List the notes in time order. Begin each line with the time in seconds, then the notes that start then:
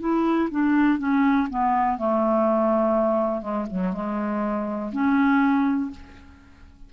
0.00 E4
0.51 D4
0.99 C#4
1.50 B3
1.98 A3
3.42 G#3
3.71 F#3
3.93 G#3
4.92 C#4